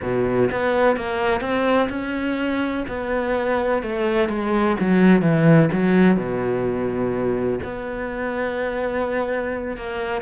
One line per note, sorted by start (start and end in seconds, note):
0.02 0.49 B2
0.51 0.96 B3
0.96 1.40 A#3
1.40 1.88 C4
1.89 2.84 C#4
2.88 3.82 B3
3.82 4.28 A3
4.28 4.76 G#3
4.79 5.21 F#3
5.21 5.69 E3
5.72 6.16 F#3
6.16 7.59 B2
7.63 9.77 B3
9.77 10.21 A#3